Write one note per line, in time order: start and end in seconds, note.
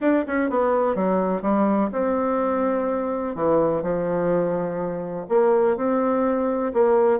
0.00 0.24 D4
0.27 0.50 C#4
0.50 0.95 B3
0.95 1.42 F#3
1.42 1.90 G3
1.91 3.35 C4
3.35 3.82 E3
3.82 5.26 F3
5.28 5.76 A#3
5.76 6.72 C4
6.73 7.19 A#3